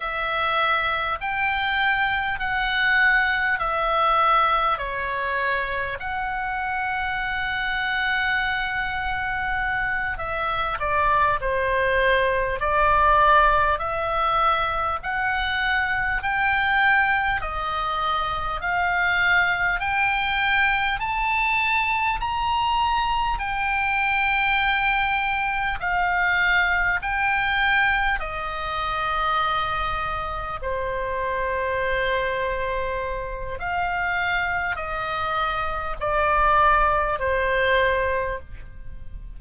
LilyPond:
\new Staff \with { instrumentName = "oboe" } { \time 4/4 \tempo 4 = 50 e''4 g''4 fis''4 e''4 | cis''4 fis''2.~ | fis''8 e''8 d''8 c''4 d''4 e''8~ | e''8 fis''4 g''4 dis''4 f''8~ |
f''8 g''4 a''4 ais''4 g''8~ | g''4. f''4 g''4 dis''8~ | dis''4. c''2~ c''8 | f''4 dis''4 d''4 c''4 | }